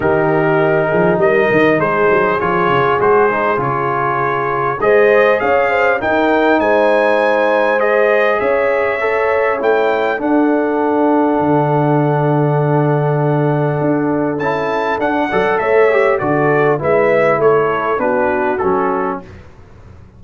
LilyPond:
<<
  \new Staff \with { instrumentName = "trumpet" } { \time 4/4 \tempo 4 = 100 ais'2 dis''4 c''4 | cis''4 c''4 cis''2 | dis''4 f''4 g''4 gis''4~ | gis''4 dis''4 e''2 |
g''4 fis''2.~ | fis''1 | a''4 fis''4 e''4 d''4 | e''4 cis''4 b'4 a'4 | }
  \new Staff \with { instrumentName = "horn" } { \time 4/4 g'4. gis'8 ais'4 gis'4~ | gis'1 | c''4 cis''8 c''8 ais'4 c''4~ | c''2 cis''2~ |
cis''4 a'2.~ | a'1~ | a'4. d''8 cis''4 a'4 | b'4 a'4 fis'2 | }
  \new Staff \with { instrumentName = "trombone" } { \time 4/4 dis'1 | f'4 fis'8 dis'8 f'2 | gis'2 dis'2~ | dis'4 gis'2 a'4 |
e'4 d'2.~ | d'1 | e'4 d'8 a'4 g'8 fis'4 | e'2 d'4 cis'4 | }
  \new Staff \with { instrumentName = "tuba" } { \time 4/4 dis4. f8 g8 dis8 gis8 fis8 | f8 cis8 gis4 cis2 | gis4 cis'4 dis'4 gis4~ | gis2 cis'2 |
a4 d'2 d4~ | d2. d'4 | cis'4 d'8 fis8 a4 d4 | gis4 a4 b4 fis4 | }
>>